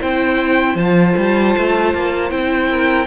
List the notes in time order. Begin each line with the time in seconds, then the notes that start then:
0.00 C4 E4 C5 G5
0.75 F3 F4 A5
1.17 G3
1.57 A3
1.94 A#3
2.29 C4 E4 G5
2.70 A#4